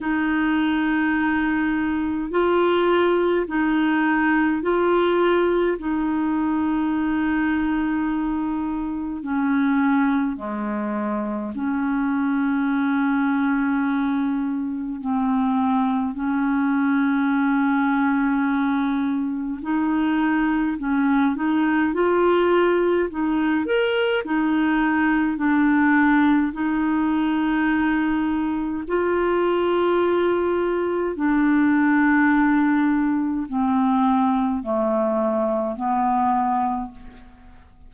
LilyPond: \new Staff \with { instrumentName = "clarinet" } { \time 4/4 \tempo 4 = 52 dis'2 f'4 dis'4 | f'4 dis'2. | cis'4 gis4 cis'2~ | cis'4 c'4 cis'2~ |
cis'4 dis'4 cis'8 dis'8 f'4 | dis'8 ais'8 dis'4 d'4 dis'4~ | dis'4 f'2 d'4~ | d'4 c'4 a4 b4 | }